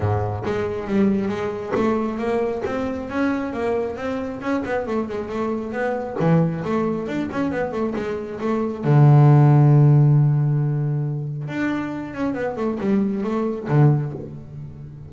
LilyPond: \new Staff \with { instrumentName = "double bass" } { \time 4/4 \tempo 4 = 136 gis,4 gis4 g4 gis4 | a4 ais4 c'4 cis'4 | ais4 c'4 cis'8 b8 a8 gis8 | a4 b4 e4 a4 |
d'8 cis'8 b8 a8 gis4 a4 | d1~ | d2 d'4. cis'8 | b8 a8 g4 a4 d4 | }